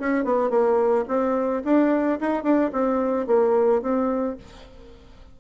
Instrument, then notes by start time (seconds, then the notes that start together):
bassoon
0.00 C#4
0.25 B3
0.50 A#3
1.08 C4
1.64 D4
2.21 D#4
2.43 D4
2.73 C4
3.27 A#3
3.82 C4